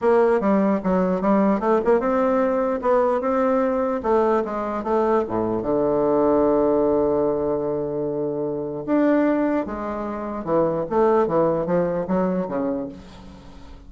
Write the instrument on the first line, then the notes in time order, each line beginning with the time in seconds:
bassoon
0.01 A#3
0.40 G3
0.83 F#3
1.21 G3
1.60 A3
1.85 A#3
1.99 C4
2.81 B3
3.20 C4
4.02 A3
4.44 G#3
4.83 A3
5.28 A2
5.62 D3
8.86 D4
9.66 G#3
10.44 E3
10.89 A3
11.27 E3
11.66 F3
12.07 F#3
12.48 C#3